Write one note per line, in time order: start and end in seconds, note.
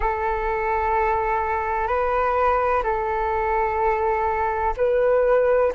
0.00 1.87 A4
1.87 2.83 B4
2.83 4.74 A4
4.77 5.72 B4